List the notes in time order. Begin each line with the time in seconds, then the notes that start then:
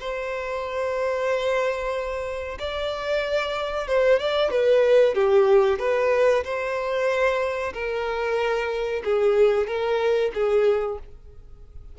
0.00 C5
2.59 D5
3.87 C5
4.19 D5
4.50 B4
5.14 G4
5.79 B4
6.44 C5
7.73 A#4
9.04 G#4
9.67 A#4
10.34 G#4